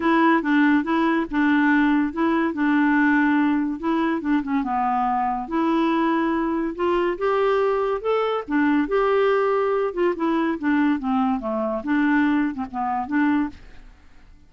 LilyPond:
\new Staff \with { instrumentName = "clarinet" } { \time 4/4 \tempo 4 = 142 e'4 d'4 e'4 d'4~ | d'4 e'4 d'2~ | d'4 e'4 d'8 cis'8 b4~ | b4 e'2. |
f'4 g'2 a'4 | d'4 g'2~ g'8 f'8 | e'4 d'4 c'4 a4 | d'4.~ d'16 c'16 b4 d'4 | }